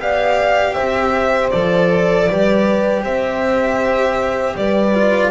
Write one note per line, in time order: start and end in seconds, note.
0.00 0.76 B3
0.00 1.52 G4
0.00 0.75 D5
0.00 0.74 F5
0.74 1.54 C4
0.74 2.27 C5
0.74 1.50 E5
1.50 2.30 F3
1.50 2.30 A4
1.50 3.02 D5
2.29 3.04 G3
2.29 4.95 G4
2.29 3.04 B4
3.04 4.56 C4
3.04 4.56 C5
3.04 4.57 E5
4.56 5.31 G3
4.56 5.31 B4
4.56 5.31 D5
4.95 5.31 F4